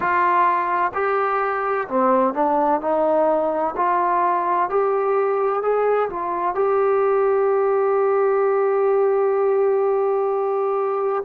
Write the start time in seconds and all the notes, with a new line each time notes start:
0.00 F4
0.94 G4
1.87 C4
2.34 D4
2.80 D#4
3.76 F4
4.69 G4
5.62 G#4
6.09 F4
6.55 G4